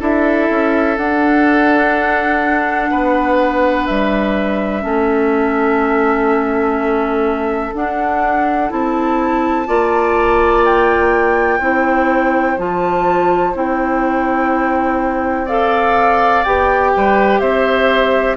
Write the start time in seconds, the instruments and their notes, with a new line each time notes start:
0.00 bassoon D4, clarinet E4, oboe A4, flute E5
0.51 bassoon C#4
0.98 bassoon D4, clarinet D4, flute F#5
2.91 bassoon B3, oboe B4
3.87 bassoon G3, flute E5
4.82 bassoon A3, clarinet C#4, oboe A4
7.74 bassoon D4, clarinet D4, flute F#5
8.70 bassoon C4, clarinet E4, flute A5
9.67 bassoon A#3, clarinet F4, oboe D5
10.65 flute G5
11.59 bassoon C4, clarinet E4, oboe C5
12.58 bassoon F3, clarinet F4, flute A5
13.54 bassoon C4, clarinet E4, flute G5
15.46 clarinet A4, oboe D5, flute F5
16.44 bassoon B3, clarinet G4, flute G5
16.96 bassoon G3, oboe B4
17.40 bassoon C4, oboe C5, flute E5